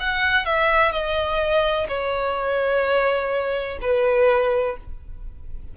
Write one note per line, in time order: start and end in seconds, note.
0.00 0.46 F#5
0.46 0.92 E5
0.92 1.87 D#5
1.89 3.79 C#5
3.82 4.77 B4